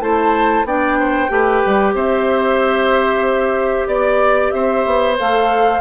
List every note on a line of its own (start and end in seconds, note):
0.00 0.64 A3
0.00 0.66 E4
0.00 0.67 C5
0.00 0.65 A5
0.64 1.29 B3
0.64 1.29 D4
0.64 0.99 D5
0.64 1.96 G5
0.99 1.31 C5
1.29 1.63 A3
1.29 5.16 G4
1.29 1.95 B4
1.66 1.94 G3
1.94 3.87 C4
1.94 3.88 C5
1.94 3.88 E5
3.87 4.51 B3
3.87 4.52 D5
3.87 4.53 D5
4.52 4.86 C4
4.52 5.81 C5
4.52 5.16 E5
4.86 5.18 B3
5.18 5.81 A3
5.18 5.81 A4
5.18 5.81 F5